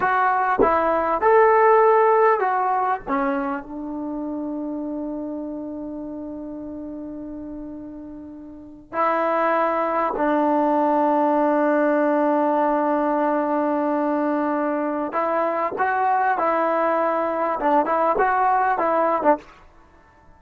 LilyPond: \new Staff \with { instrumentName = "trombone" } { \time 4/4 \tempo 4 = 99 fis'4 e'4 a'2 | fis'4 cis'4 d'2~ | d'1~ | d'2~ d'8. e'4~ e'16~ |
e'8. d'2.~ d'16~ | d'1~ | d'4 e'4 fis'4 e'4~ | e'4 d'8 e'8 fis'4 e'8. d'16 | }